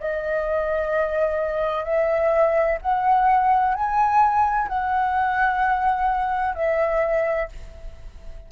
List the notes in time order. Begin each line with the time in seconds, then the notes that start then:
0.00 D#5
1.84 E5
2.81 F#5
3.74 G#5
4.68 F#5
6.55 E5